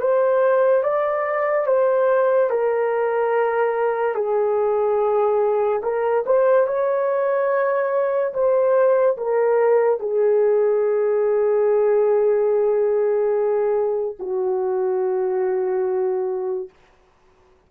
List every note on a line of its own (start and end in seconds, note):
0.00 0.83 C5
0.83 1.66 D5
1.66 2.50 C5
2.50 4.14 A#4
4.14 5.81 G#4
5.82 6.24 A#4
6.26 6.66 C5
6.66 8.33 C#5
8.33 9.17 C5
9.17 9.99 A#4
9.99 14.16 G#4
14.19 16.69 F#4